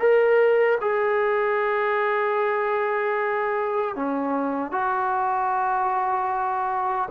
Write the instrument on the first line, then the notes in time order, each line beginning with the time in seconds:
trombone
0.00 A#4
0.81 G#4
3.96 C#4
4.72 F#4